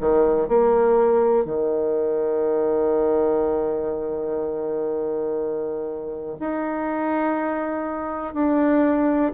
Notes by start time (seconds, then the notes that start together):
0.00 D#3
0.48 A#3
1.44 D#3
6.39 D#4
8.33 D4